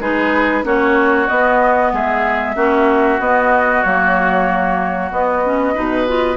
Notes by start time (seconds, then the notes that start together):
0.00 G#3 D#4 G#4 B4
0.64 A#3 C#4 F#4 C#5
1.28 B3 D#5
1.93 G#3 G#4 E5
2.56 A#3 C#4 F#4
3.19 B3 D#5
3.83 F#3 A#3 C#5
5.12 B3 D#5
5.45 C#4
5.74 B2 D#4 B4
6.07 F4